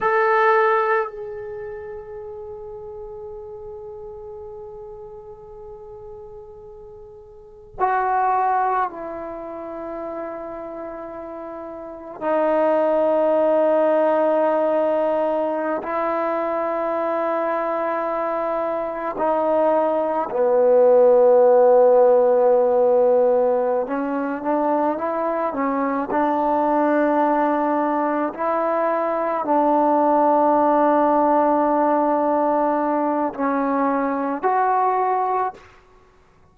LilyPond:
\new Staff \with { instrumentName = "trombone" } { \time 4/4 \tempo 4 = 54 a'4 gis'2.~ | gis'2. fis'4 | e'2. dis'4~ | dis'2~ dis'16 e'4.~ e'16~ |
e'4~ e'16 dis'4 b4.~ b16~ | b4. cis'8 d'8 e'8 cis'8 d'8~ | d'4. e'4 d'4.~ | d'2 cis'4 fis'4 | }